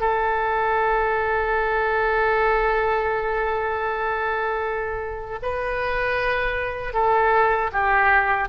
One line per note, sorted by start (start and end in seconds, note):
0.00 5.38 A4
5.42 6.93 B4
6.93 7.70 A4
7.72 8.48 G4